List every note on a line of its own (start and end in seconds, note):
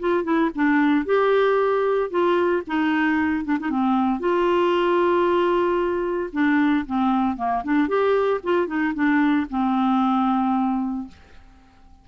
0.00 0.24 F4
0.24 0.50 E4
0.55 1.06 D4
1.06 2.10 G4
2.10 2.63 F4
2.67 3.45 D#4
3.45 3.58 D4
3.60 3.70 D#4
3.70 4.20 C4
4.20 6.30 F4
6.33 6.85 D4
6.86 7.37 C4
7.37 7.63 A#3
7.64 7.88 D4
7.88 8.41 G4
8.44 8.67 F4
8.67 8.93 D#4
8.94 9.47 D4
9.50 11.08 C4